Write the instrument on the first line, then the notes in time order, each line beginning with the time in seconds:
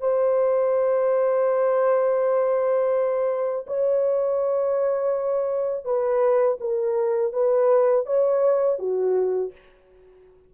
horn
0.00 C5
3.67 C#5
5.85 B4
6.61 A#4
7.33 B4
8.06 C#5
8.79 F#4